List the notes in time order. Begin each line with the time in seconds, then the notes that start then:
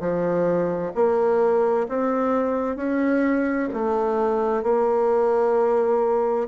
0.00 F3
0.95 A#3
1.88 C4
2.76 C#4
3.73 A3
4.63 A#3